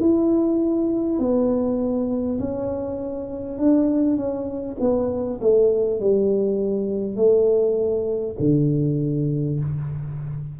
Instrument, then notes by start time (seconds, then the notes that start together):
tuba
0.00 E4
1.19 B3
2.39 C#4
3.58 D4
4.16 C#4
4.80 B3
5.41 A3
6.00 G3
7.16 A3
8.39 D3